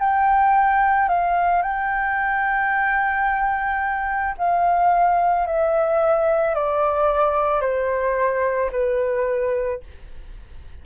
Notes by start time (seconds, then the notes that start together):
0.00 G5
1.09 F5
1.62 G5
4.38 F5
5.46 E5
6.55 D5
7.61 C5
8.72 B4